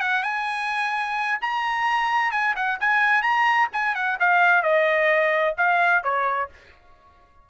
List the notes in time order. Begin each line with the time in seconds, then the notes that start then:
0.00 F#5
0.23 G#5
1.41 A#5
2.31 G#5
2.55 F#5
2.80 G#5
3.22 A#5
3.72 G#5
3.95 F#5
4.19 F5
4.62 D#5
5.57 F5
6.03 C#5